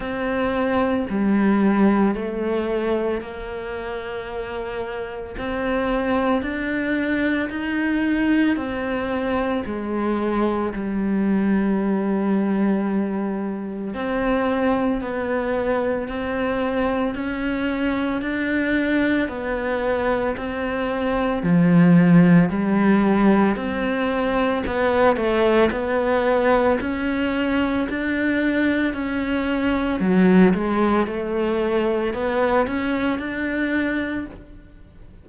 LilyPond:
\new Staff \with { instrumentName = "cello" } { \time 4/4 \tempo 4 = 56 c'4 g4 a4 ais4~ | ais4 c'4 d'4 dis'4 | c'4 gis4 g2~ | g4 c'4 b4 c'4 |
cis'4 d'4 b4 c'4 | f4 g4 c'4 b8 a8 | b4 cis'4 d'4 cis'4 | fis8 gis8 a4 b8 cis'8 d'4 | }